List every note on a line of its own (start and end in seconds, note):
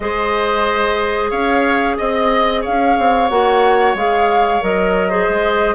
0.00 1.31 G#3
0.00 3.30 G#4
0.00 1.30 C5
0.00 1.30 D#5
1.30 1.97 C#4
1.30 1.96 C#5
1.30 1.96 F5
1.97 2.65 C4
1.97 2.63 D#5
1.97 2.61 D#5
2.61 5.08 C#5
2.61 3.29 F5
2.67 2.98 C#4
2.98 3.30 C4
3.29 3.94 A#3
3.29 3.96 F#4
3.29 3.95 F#5
3.94 4.60 G#3
3.94 4.61 G#4
3.94 4.63 F5
4.61 5.28 F#3
4.61 5.10 A#4
4.61 5.74 D#5
5.09 5.74 G#4
5.09 5.74 C5
5.29 5.74 G#3